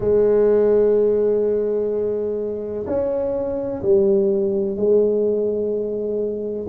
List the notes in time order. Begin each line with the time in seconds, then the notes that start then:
0.00 G#3
2.87 C#4
3.82 G3
4.76 G#3